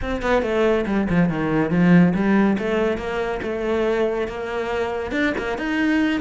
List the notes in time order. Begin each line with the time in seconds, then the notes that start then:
0.01 C4
0.21 B3
0.42 A3
0.86 G3
1.09 F3
1.29 D#3
1.70 F3
2.14 G3
2.58 A3
2.97 A#3
3.42 A3
4.27 A#3
5.11 D4
5.37 A#3
5.58 D#4